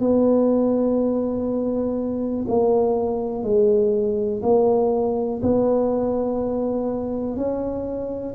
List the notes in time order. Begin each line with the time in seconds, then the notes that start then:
0.00 B3
2.49 A#3
3.43 G#3
4.43 A#3
5.43 B3
7.37 C#4